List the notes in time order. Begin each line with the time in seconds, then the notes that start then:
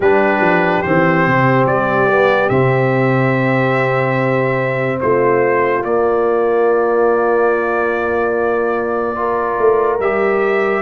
0.00 G3 D4 G4 B4
0.40 F3
0.82 E3 C4 C5
1.27 C3
1.66 G3 D5
2.10 B3
2.49 C3 C4 E5
5.00 A3 F4 C5
5.83 A#3 D5
9.15 F4 A#4
9.58 A3
9.99 G3 G4 E5